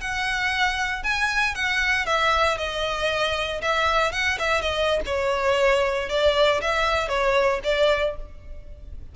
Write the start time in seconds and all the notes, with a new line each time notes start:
0.00 F#5
1.03 G#5
1.54 F#5
2.06 E5
2.57 D#5
3.61 E5
4.12 F#5
4.38 E5
4.62 D#5
5.05 C#5
6.09 D5
6.61 E5
7.08 C#5
7.63 D5